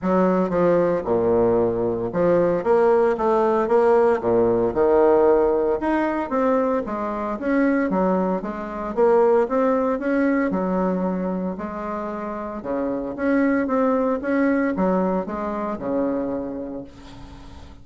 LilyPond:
\new Staff \with { instrumentName = "bassoon" } { \time 4/4 \tempo 4 = 114 fis4 f4 ais,2 | f4 ais4 a4 ais4 | ais,4 dis2 dis'4 | c'4 gis4 cis'4 fis4 |
gis4 ais4 c'4 cis'4 | fis2 gis2 | cis4 cis'4 c'4 cis'4 | fis4 gis4 cis2 | }